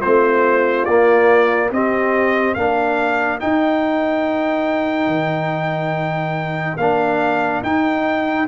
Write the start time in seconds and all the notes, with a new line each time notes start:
0.00 A3 C4 F4 C5
0.85 A#3 D5
1.71 C4 G4 D#5
2.54 A#3 D4 A#4 F5
3.40 D#4 G5
5.07 D#3
6.77 A#3 D4 F5
7.62 D#4 G5